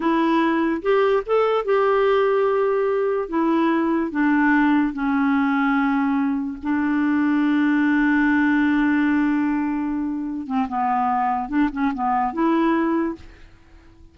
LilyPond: \new Staff \with { instrumentName = "clarinet" } { \time 4/4 \tempo 4 = 146 e'2 g'4 a'4 | g'1 | e'2 d'2 | cis'1 |
d'1~ | d'1~ | d'4. c'8 b2 | d'8 cis'8 b4 e'2 | }